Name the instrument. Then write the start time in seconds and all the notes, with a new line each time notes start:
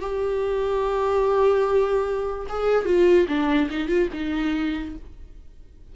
viola
0.00 G4
2.49 G#4
2.85 F4
3.28 D4
3.70 D#4
3.88 F4
4.13 D#4